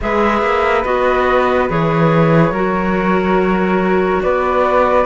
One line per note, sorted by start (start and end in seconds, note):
0.01 0.42 G#3
0.01 0.85 G#4
0.01 2.52 B4
0.01 0.84 E5
0.42 0.84 A#3
0.84 1.69 B3
0.84 1.69 F#4
0.84 1.69 D#5
1.69 2.51 E3
1.69 2.54 G#4
1.69 4.22 C#5
2.51 4.20 F#3
2.51 5.05 F#4
2.51 4.21 A#4
4.22 5.05 B3
4.22 5.05 B4
4.22 5.05 D5